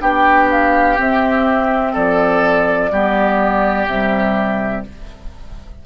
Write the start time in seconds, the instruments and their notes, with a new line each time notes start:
0.00 bassoon B3, clarinet D4, oboe G4, flute G5
0.51 flute F5
0.97 clarinet C4, bassoon C4, flute E5
1.92 bassoon F3, oboe A4, flute D5
2.91 bassoon G3, clarinet B3, oboe G4
3.86 bassoon C3, clarinet G3, flute E5